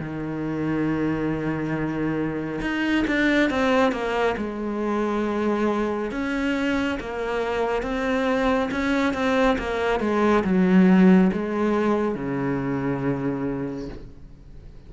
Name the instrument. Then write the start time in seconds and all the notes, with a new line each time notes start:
cello
0.00 D#3
2.62 D#4
3.08 D4
3.50 C4
3.92 A#3
4.38 G#3
6.11 C#4
7.00 A#3
7.83 C4
8.72 C#4
9.14 C4
9.58 A#3
10.00 G#3
10.44 F#3
11.33 G#3
12.15 C#3